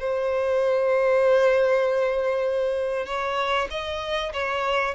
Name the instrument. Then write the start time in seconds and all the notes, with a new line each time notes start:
violin
0.00 C5
3.06 C#5
3.70 D#5
4.33 C#5